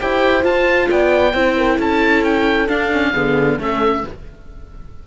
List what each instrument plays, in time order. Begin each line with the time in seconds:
0.00 cello E4, viola G4, horn C5, oboe G5
0.42 viola F4, cello F4, oboe A5
0.90 cello B3, horn D5, oboe G5
1.33 cello C4, viola E4, horn C5
1.57 horn A#4
1.76 cello C#4, horn A4, oboe A5
2.24 oboe G5
2.68 viola D4, cello D4, oboe F5
2.92 viola C#4
3.11 cello D3, viola B3, horn G#4
3.58 cello A3, viola C#4, horn A4, oboe E5